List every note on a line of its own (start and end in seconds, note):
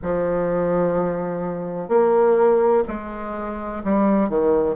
0.02 1.88 F3
1.88 2.83 A#3
2.87 3.82 G#3
3.84 4.29 G3
4.29 4.75 D#3